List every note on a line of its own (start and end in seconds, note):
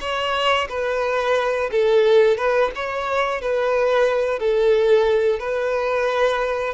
0.00 0.67 C#5
0.69 1.70 B4
1.71 2.37 A4
2.37 2.71 B4
2.75 3.41 C#5
3.41 4.39 B4
4.39 5.39 A4
5.39 6.74 B4